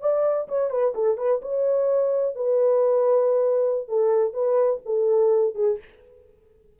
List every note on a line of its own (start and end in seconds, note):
0.00 0.47 D5
0.48 0.70 C#5
0.70 0.93 B4
0.94 1.17 A4
1.17 1.41 B4
1.41 2.35 C#5
2.35 3.88 B4
3.88 4.33 A4
4.33 4.80 B4
4.85 5.54 A4
5.54 5.78 G#4